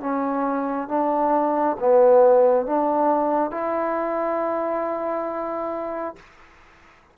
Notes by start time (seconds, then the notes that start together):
0.00 C#4
0.88 D4
1.79 B3
2.66 D4
3.51 E4